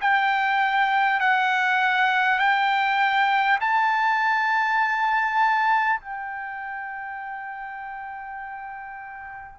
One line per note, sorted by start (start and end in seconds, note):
0.00 1.19 G5
1.19 2.38 F#5
2.38 3.58 G5
3.60 5.99 A5
5.99 9.58 G5